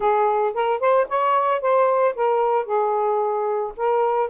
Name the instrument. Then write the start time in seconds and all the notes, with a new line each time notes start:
saxophone
0.00 G#4
0.54 A#4
0.80 C5
1.09 C#5
1.61 C5
2.15 A#4
2.65 G#4
3.76 A#4